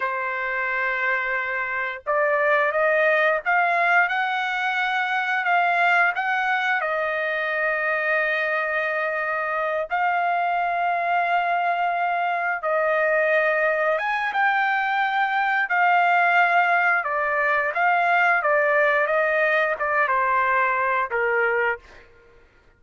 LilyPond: \new Staff \with { instrumentName = "trumpet" } { \time 4/4 \tempo 4 = 88 c''2. d''4 | dis''4 f''4 fis''2 | f''4 fis''4 dis''2~ | dis''2~ dis''8 f''4.~ |
f''2~ f''8 dis''4.~ | dis''8 gis''8 g''2 f''4~ | f''4 d''4 f''4 d''4 | dis''4 d''8 c''4. ais'4 | }